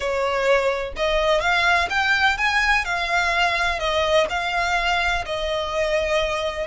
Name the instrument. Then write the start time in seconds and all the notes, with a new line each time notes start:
violin
0.00 C#5
0.96 D#5
1.40 F5
1.89 G5
2.37 G#5
2.84 F5
3.79 D#5
4.29 F5
5.25 D#5